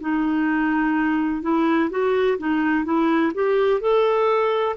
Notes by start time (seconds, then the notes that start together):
0.00 D#4
1.42 E4
1.90 F#4
2.38 D#4
2.84 E4
3.34 G4
3.80 A4